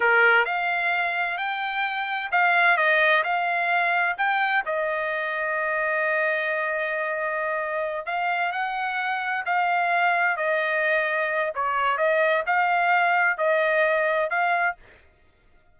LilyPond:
\new Staff \with { instrumentName = "trumpet" } { \time 4/4 \tempo 4 = 130 ais'4 f''2 g''4~ | g''4 f''4 dis''4 f''4~ | f''4 g''4 dis''2~ | dis''1~ |
dis''4. f''4 fis''4.~ | fis''8 f''2 dis''4.~ | dis''4 cis''4 dis''4 f''4~ | f''4 dis''2 f''4 | }